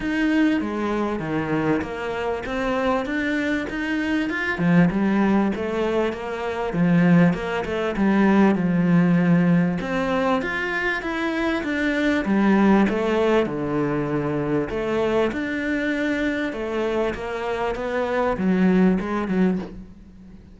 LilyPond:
\new Staff \with { instrumentName = "cello" } { \time 4/4 \tempo 4 = 98 dis'4 gis4 dis4 ais4 | c'4 d'4 dis'4 f'8 f8 | g4 a4 ais4 f4 | ais8 a8 g4 f2 |
c'4 f'4 e'4 d'4 | g4 a4 d2 | a4 d'2 a4 | ais4 b4 fis4 gis8 fis8 | }